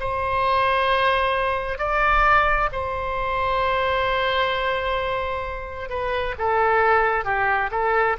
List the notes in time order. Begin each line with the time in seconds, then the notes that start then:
0.00 C5
1.79 D5
2.73 C5
5.90 B4
6.38 A4
7.25 G4
7.71 A4